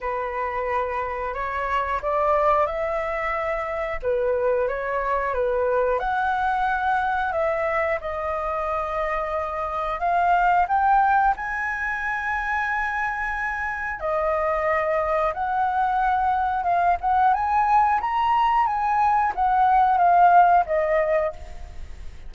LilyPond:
\new Staff \with { instrumentName = "flute" } { \time 4/4 \tempo 4 = 90 b'2 cis''4 d''4 | e''2 b'4 cis''4 | b'4 fis''2 e''4 | dis''2. f''4 |
g''4 gis''2.~ | gis''4 dis''2 fis''4~ | fis''4 f''8 fis''8 gis''4 ais''4 | gis''4 fis''4 f''4 dis''4 | }